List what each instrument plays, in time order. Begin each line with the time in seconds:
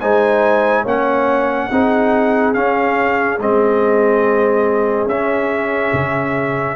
0.00 tuba G#3, trombone D#4, horn C5, trumpet G#5
0.82 tuba A#3, trombone C#4, horn C#5, trumpet F#5
1.71 tuba C4, trombone D#4, horn G#4
2.54 tuba C#4, trombone C#4, trumpet F5
3.39 tuba G#3, trombone C4, trumpet D#5
5.05 tuba C#4, trombone C#4, trumpet E5
5.93 tuba C#3